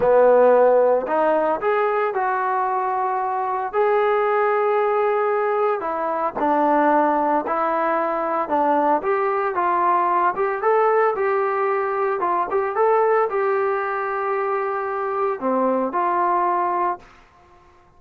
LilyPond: \new Staff \with { instrumentName = "trombone" } { \time 4/4 \tempo 4 = 113 b2 dis'4 gis'4 | fis'2. gis'4~ | gis'2. e'4 | d'2 e'2 |
d'4 g'4 f'4. g'8 | a'4 g'2 f'8 g'8 | a'4 g'2.~ | g'4 c'4 f'2 | }